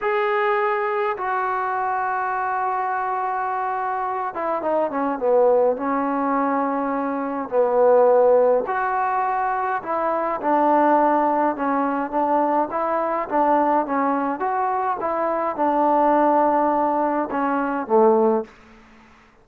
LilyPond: \new Staff \with { instrumentName = "trombone" } { \time 4/4 \tempo 4 = 104 gis'2 fis'2~ | fis'2.~ fis'8 e'8 | dis'8 cis'8 b4 cis'2~ | cis'4 b2 fis'4~ |
fis'4 e'4 d'2 | cis'4 d'4 e'4 d'4 | cis'4 fis'4 e'4 d'4~ | d'2 cis'4 a4 | }